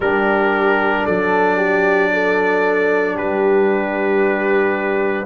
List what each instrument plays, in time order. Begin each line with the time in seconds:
0.00 tuba G3, trombone D4, horn G4, trumpet A#4
1.04 tuba F#3, horn A4, trumpet D5
1.57 horn G4
2.13 horn A4
3.14 tuba G3, horn G4, trumpet B4